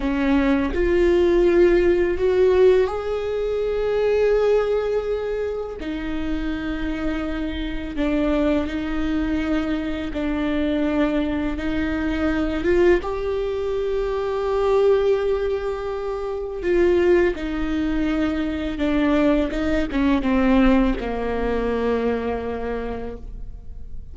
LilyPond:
\new Staff \with { instrumentName = "viola" } { \time 4/4 \tempo 4 = 83 cis'4 f'2 fis'4 | gis'1 | dis'2. d'4 | dis'2 d'2 |
dis'4. f'8 g'2~ | g'2. f'4 | dis'2 d'4 dis'8 cis'8 | c'4 ais2. | }